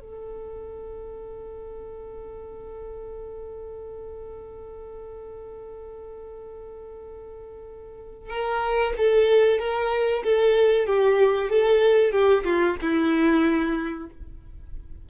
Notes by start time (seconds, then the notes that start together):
0.00 A4
8.29 A#4
8.97 A4
9.59 A#4
10.23 A4
10.87 G4
11.50 A4
12.12 G4
12.44 F4
12.82 E4